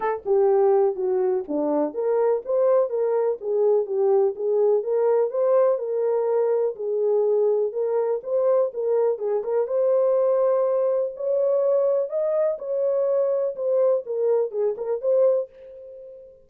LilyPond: \new Staff \with { instrumentName = "horn" } { \time 4/4 \tempo 4 = 124 a'8 g'4. fis'4 d'4 | ais'4 c''4 ais'4 gis'4 | g'4 gis'4 ais'4 c''4 | ais'2 gis'2 |
ais'4 c''4 ais'4 gis'8 ais'8 | c''2. cis''4~ | cis''4 dis''4 cis''2 | c''4 ais'4 gis'8 ais'8 c''4 | }